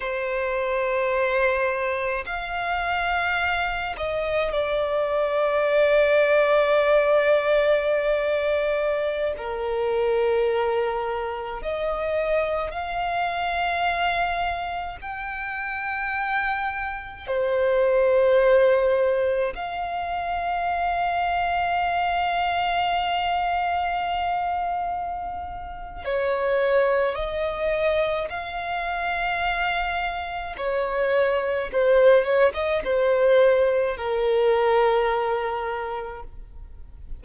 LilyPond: \new Staff \with { instrumentName = "violin" } { \time 4/4 \tempo 4 = 53 c''2 f''4. dis''8 | d''1~ | d''16 ais'2 dis''4 f''8.~ | f''4~ f''16 g''2 c''8.~ |
c''4~ c''16 f''2~ f''8.~ | f''2. cis''4 | dis''4 f''2 cis''4 | c''8 cis''16 dis''16 c''4 ais'2 | }